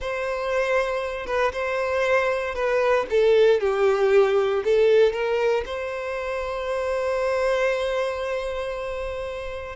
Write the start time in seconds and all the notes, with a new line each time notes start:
0.00 C5
1.26 B4
1.52 C5
2.54 B4
3.10 A4
3.60 G4
4.64 A4
5.12 A#4
5.65 C5